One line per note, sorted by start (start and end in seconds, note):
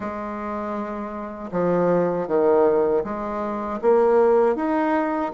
0.00 1.50 G#3
1.51 2.27 F3
2.27 3.03 D#3
3.04 3.80 G#3
3.81 4.55 A#3
4.55 5.31 D#4